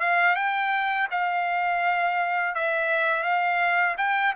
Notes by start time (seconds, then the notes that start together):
0.00 F5
0.35 G5
1.11 F5
2.55 E5
3.23 F5
3.98 G5